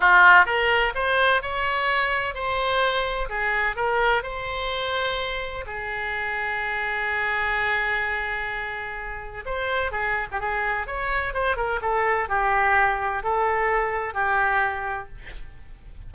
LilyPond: \new Staff \with { instrumentName = "oboe" } { \time 4/4 \tempo 4 = 127 f'4 ais'4 c''4 cis''4~ | cis''4 c''2 gis'4 | ais'4 c''2. | gis'1~ |
gis'1 | c''4 gis'8. g'16 gis'4 cis''4 | c''8 ais'8 a'4 g'2 | a'2 g'2 | }